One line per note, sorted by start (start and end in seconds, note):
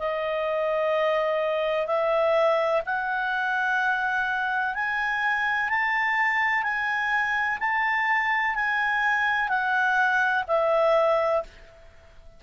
0.00 1.87 D#5
1.87 2.82 E5
2.86 4.75 F#5
4.75 5.70 G#5
5.70 6.64 A5
6.64 7.59 G#5
7.61 8.56 A5
8.56 9.49 G#5
9.49 10.45 F#5
10.48 11.43 E5